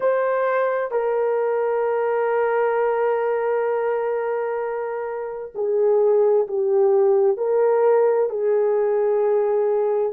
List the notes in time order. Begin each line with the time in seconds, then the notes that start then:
0.00 C5
0.91 A#4
5.54 G#4
6.47 G4
7.37 A#4
8.29 G#4